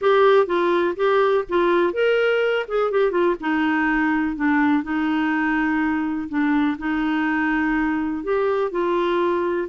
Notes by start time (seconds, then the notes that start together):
0.01 G4
0.46 F4
0.96 G4
1.48 F4
1.93 A#4
2.67 G#4
2.91 G4
3.11 F4
3.40 D#4
4.35 D4
4.83 D#4
6.29 D4
6.78 D#4
8.23 G4
8.71 F4